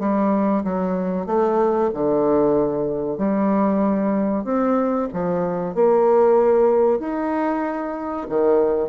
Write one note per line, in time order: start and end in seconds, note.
0.00 0.64 G3
0.64 1.26 F#3
1.26 1.90 A3
1.94 3.18 D3
3.18 4.45 G3
4.45 5.09 C4
5.13 5.75 F3
5.75 7.00 A#3
7.00 8.27 D#4
8.29 8.90 D#3